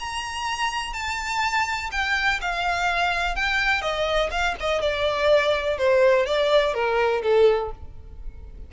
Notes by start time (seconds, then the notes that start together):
0.00 A#5
0.93 A5
1.92 G5
2.41 F5
3.36 G5
3.82 D#5
4.31 F5
4.60 D#5
4.82 D5
5.78 C5
6.26 D5
6.74 A#4
7.23 A4